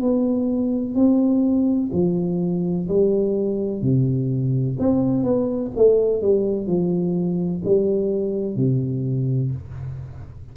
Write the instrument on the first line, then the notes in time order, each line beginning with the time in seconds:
tuba
0.00 B3
0.94 C4
1.92 F3
2.88 G3
3.81 C3
4.79 C4
5.23 B3
5.75 A3
6.21 G3
6.66 F3
7.65 G3
8.56 C3